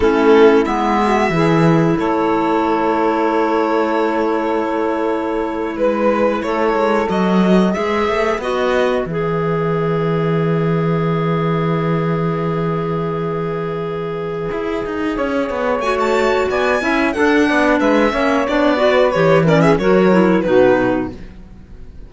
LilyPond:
<<
  \new Staff \with { instrumentName = "violin" } { \time 4/4 \tempo 4 = 91 a'4 e''2 cis''4~ | cis''1~ | cis''8. b'4 cis''4 dis''4 e''16~ | e''8. dis''4 e''2~ e''16~ |
e''1~ | e''1 | gis''16 a''8. gis''4 fis''4 e''4 | d''4 cis''8 d''16 e''16 cis''4 b'4 | }
  \new Staff \with { instrumentName = "saxophone" } { \time 4/4 e'4. fis'8 gis'4 a'4~ | a'1~ | a'8. b'4 a'2 b'16~ | b'1~ |
b'1~ | b'2. cis''4~ | cis''4 d''8 e''8 a'8 d''8 b'8 cis''8~ | cis''8 b'4 ais'16 gis'16 ais'4 fis'4 | }
  \new Staff \with { instrumentName = "clarinet" } { \time 4/4 cis'4 b4 e'2~ | e'1~ | e'2~ e'8. fis'4 gis'16~ | gis'8. fis'4 gis'2~ gis'16~ |
gis'1~ | gis'1 | fis'4. e'8 d'4. cis'8 | d'8 fis'8 g'8 cis'8 fis'8 e'8 dis'4 | }
  \new Staff \with { instrumentName = "cello" } { \time 4/4 a4 gis4 e4 a4~ | a1~ | a8. gis4 a8 gis8 fis4 gis16~ | gis16 a8 b4 e2~ e16~ |
e1~ | e2 e'8 dis'8 cis'8 b8 | a4 b8 cis'8 d'8 b8 gis8 ais8 | b4 e4 fis4 b,4 | }
>>